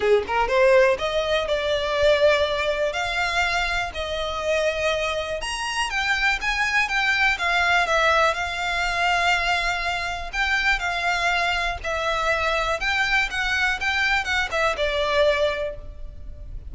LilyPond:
\new Staff \with { instrumentName = "violin" } { \time 4/4 \tempo 4 = 122 gis'8 ais'8 c''4 dis''4 d''4~ | d''2 f''2 | dis''2. ais''4 | g''4 gis''4 g''4 f''4 |
e''4 f''2.~ | f''4 g''4 f''2 | e''2 g''4 fis''4 | g''4 fis''8 e''8 d''2 | }